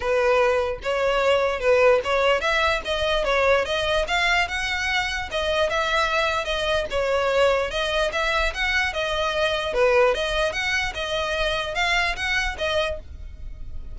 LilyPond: \new Staff \with { instrumentName = "violin" } { \time 4/4 \tempo 4 = 148 b'2 cis''2 | b'4 cis''4 e''4 dis''4 | cis''4 dis''4 f''4 fis''4~ | fis''4 dis''4 e''2 |
dis''4 cis''2 dis''4 | e''4 fis''4 dis''2 | b'4 dis''4 fis''4 dis''4~ | dis''4 f''4 fis''4 dis''4 | }